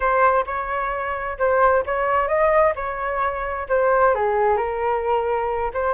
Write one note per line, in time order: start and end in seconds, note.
0.00 0.44 C5
0.46 1.38 C#5
1.38 1.84 C5
1.85 2.28 C#5
2.28 2.73 D#5
2.75 3.67 C#5
3.68 4.14 C5
4.15 4.57 G#4
4.57 5.71 A#4
5.73 5.94 C5